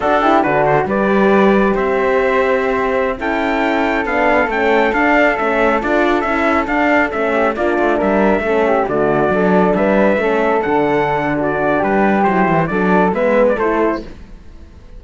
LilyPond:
<<
  \new Staff \with { instrumentName = "trumpet" } { \time 4/4 \tempo 4 = 137 a'4 b'8 c''8 d''2 | e''2.~ e''16 g''8.~ | g''4~ g''16 f''4 g''4 f''8.~ | f''16 e''4 d''4 e''4 f''8.~ |
f''16 e''4 d''4 e''4.~ e''16~ | e''16 d''2 e''4.~ e''16~ | e''16 fis''4.~ fis''16 d''4 b'4 | c''4 d''4 e''8. d''16 c''4 | }
  \new Staff \with { instrumentName = "flute" } { \time 4/4 fis'8 g'8 fis'4 b'2 | c''2.~ c''16 a'8.~ | a'1~ | a'1~ |
a'8. g'8 f'4 ais'4 a'8 g'16~ | g'16 fis'4 a'4 b'4 a'8.~ | a'2 fis'4 g'4~ | g'4 a'4 b'4 a'4 | }
  \new Staff \with { instrumentName = "horn" } { \time 4/4 d'8 e'8 d'4 g'2~ | g'2.~ g'16 e'8.~ | e'4~ e'16 d'4 cis'4 d'8.~ | d'16 cis'4 f'4 e'4 d'8.~ |
d'16 cis'4 d'2 cis'8.~ | cis'16 a4 d'2 cis'8.~ | cis'16 d'2.~ d'8. | e'4 d'4 b4 e'4 | }
  \new Staff \with { instrumentName = "cello" } { \time 4/4 d'4 d4 g2 | c'2.~ c'16 cis'8.~ | cis'4~ cis'16 b4 a4 d'8.~ | d'16 a4 d'4 cis'4 d'8.~ |
d'16 a4 ais8 a8 g4 a8.~ | a16 d4 fis4 g4 a8.~ | a16 d2~ d8. g4 | fis8 e8 fis4 gis4 a4 | }
>>